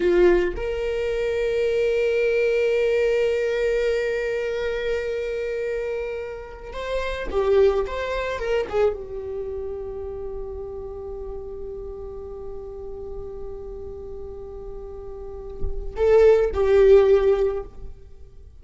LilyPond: \new Staff \with { instrumentName = "viola" } { \time 4/4 \tempo 4 = 109 f'4 ais'2.~ | ais'1~ | ais'1~ | ais'16 c''4 g'4 c''4 ais'8 gis'16~ |
gis'16 g'2.~ g'8.~ | g'1~ | g'1~ | g'4 a'4 g'2 | }